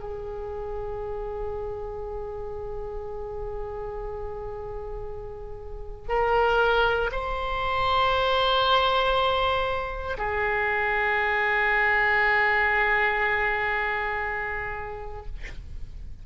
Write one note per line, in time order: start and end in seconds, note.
0.00 6.08 G#4
6.08 7.10 A#4
7.12 10.17 C5
10.17 15.26 G#4